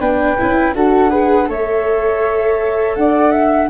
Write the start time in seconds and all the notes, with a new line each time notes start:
0.00 B3 D4 B4 G5
0.39 C#4 E4
0.75 D4 F#4 A4 F#5
1.11 G#4 B4
1.47 A3 A4 C#5 E5
2.96 D4 D5 F#5
3.31 E5